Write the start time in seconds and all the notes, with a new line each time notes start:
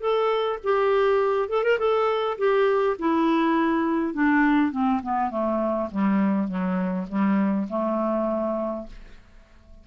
0.00 A4
0.64 G4
1.49 A4
1.64 A#4
1.79 A4
2.38 G4
2.99 E4
4.14 D4
4.71 C4
5.03 B3
5.30 A3
5.91 G3
6.48 F#3
7.08 G3
7.69 A3